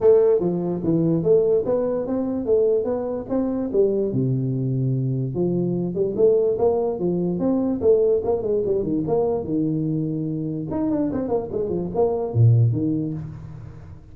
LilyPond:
\new Staff \with { instrumentName = "tuba" } { \time 4/4 \tempo 4 = 146 a4 f4 e4 a4 | b4 c'4 a4 b4 | c'4 g4 c2~ | c4 f4. g8 a4 |
ais4 f4 c'4 a4 | ais8 gis8 g8 dis8 ais4 dis4~ | dis2 dis'8 d'8 c'8 ais8 | gis8 f8 ais4 ais,4 dis4 | }